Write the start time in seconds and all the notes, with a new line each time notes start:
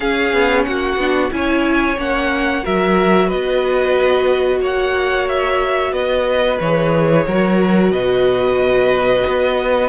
0.00 C#4 G#4 F5
0.32 B3
0.63 A#3 F#4 F#5
0.96 B3 D4
1.30 C#4 E4 C#5 G#5
1.97 A#3 C#4 F#5
2.63 F#3 F#4 A#4 E5
3.26 B3 B4 D#5
4.60 A#3 C#5 F#5
5.28 E5
5.92 B3 B4 D#5
6.60 E3 G#4 C#5
7.27 F#3 F#4 A#4
7.91 B2 B4 D#5
9.26 B3